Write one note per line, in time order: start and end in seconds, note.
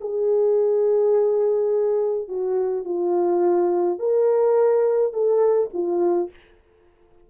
0.00 2.28 G#4
2.28 2.84 F#4
2.84 3.98 F4
3.98 5.12 A#4
5.12 5.70 A4
5.73 6.30 F4